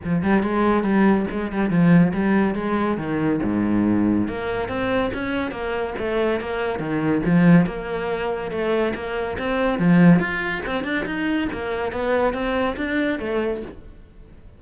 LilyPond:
\new Staff \with { instrumentName = "cello" } { \time 4/4 \tempo 4 = 141 f8 g8 gis4 g4 gis8 g8 | f4 g4 gis4 dis4 | gis,2 ais4 c'4 | cis'4 ais4 a4 ais4 |
dis4 f4 ais2 | a4 ais4 c'4 f4 | f'4 c'8 d'8 dis'4 ais4 | b4 c'4 d'4 a4 | }